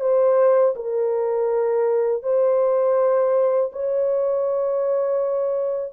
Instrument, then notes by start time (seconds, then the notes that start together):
horn
0.00 C5
0.75 A#4
2.22 C5
3.72 C#5